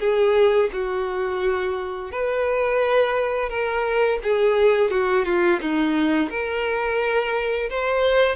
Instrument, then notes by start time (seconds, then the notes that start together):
violin
0.00 G#4
0.73 F#4
2.12 B4
3.49 A#4
4.23 G#4
4.91 F#4
5.25 F4
5.61 D#4
6.30 A#4
7.70 C5